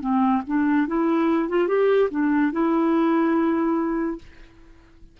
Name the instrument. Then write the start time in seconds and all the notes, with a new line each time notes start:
clarinet
0.00 C4
0.47 D4
0.87 E4
1.48 F4
1.67 G4
2.10 D4
2.52 E4